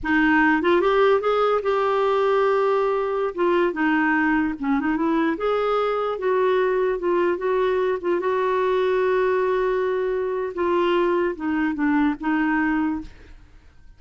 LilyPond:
\new Staff \with { instrumentName = "clarinet" } { \time 4/4 \tempo 4 = 148 dis'4. f'8 g'4 gis'4 | g'1~ | g'16 f'4 dis'2 cis'8 dis'16~ | dis'16 e'4 gis'2 fis'8.~ |
fis'4~ fis'16 f'4 fis'4. f'16~ | f'16 fis'2.~ fis'8.~ | fis'2 f'2 | dis'4 d'4 dis'2 | }